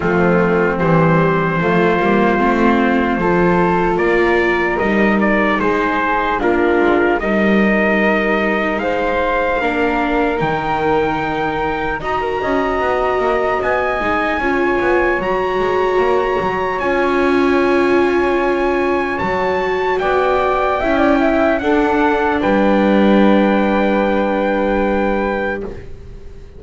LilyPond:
<<
  \new Staff \with { instrumentName = "trumpet" } { \time 4/4 \tempo 4 = 75 f'4 c''2.~ | c''4 d''4 dis''8 d''8 c''4 | ais'4 dis''2 f''4~ | f''4 g''2 ais''4~ |
ais''4 gis''2 ais''4~ | ais''4 gis''2. | a''4 g''2 fis''4 | g''1 | }
  \new Staff \with { instrumentName = "flute" } { \time 4/4 c'2 f'2 | a'4 ais'2 gis'4 | f'4 ais'2 c''4 | ais'2. dis''16 ais'16 dis''8~ |
dis''2 cis''2~ | cis''1~ | cis''4 d''4 e''16 d''16 e''8 a'4 | b'1 | }
  \new Staff \with { instrumentName = "viola" } { \time 4/4 a4 g4 a8 ais8 c'4 | f'2 dis'2 | d'4 dis'2. | d'4 dis'2 fis'4~ |
fis'4. dis'8 f'4 fis'4~ | fis'4 f'2. | fis'2 e'4 d'4~ | d'1 | }
  \new Staff \with { instrumentName = "double bass" } { \time 4/4 f4 e4 f8 g8 a4 | f4 ais4 g4 gis4 | ais8 gis8 g2 gis4 | ais4 dis2 dis'8 cis'8 |
b8 ais8 b8 gis8 cis'8 b8 fis8 gis8 | ais8 fis8 cis'2. | fis4 b4 cis'4 d'4 | g1 | }
>>